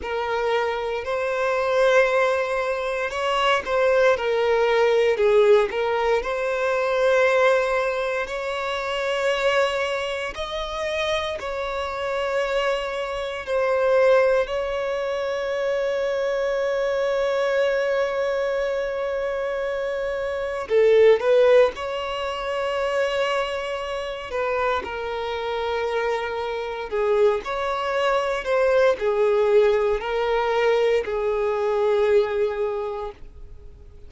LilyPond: \new Staff \with { instrumentName = "violin" } { \time 4/4 \tempo 4 = 58 ais'4 c''2 cis''8 c''8 | ais'4 gis'8 ais'8 c''2 | cis''2 dis''4 cis''4~ | cis''4 c''4 cis''2~ |
cis''1 | a'8 b'8 cis''2~ cis''8 b'8 | ais'2 gis'8 cis''4 c''8 | gis'4 ais'4 gis'2 | }